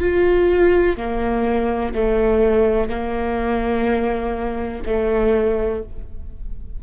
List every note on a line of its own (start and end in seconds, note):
0.00 0.97 F4
0.97 1.94 A#3
1.95 2.89 A3
2.89 4.83 A#3
4.86 5.83 A3